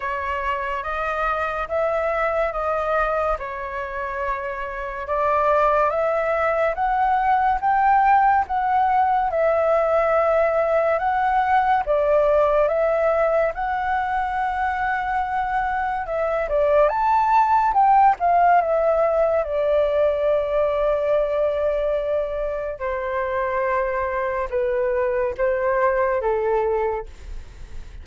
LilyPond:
\new Staff \with { instrumentName = "flute" } { \time 4/4 \tempo 4 = 71 cis''4 dis''4 e''4 dis''4 | cis''2 d''4 e''4 | fis''4 g''4 fis''4 e''4~ | e''4 fis''4 d''4 e''4 |
fis''2. e''8 d''8 | a''4 g''8 f''8 e''4 d''4~ | d''2. c''4~ | c''4 b'4 c''4 a'4 | }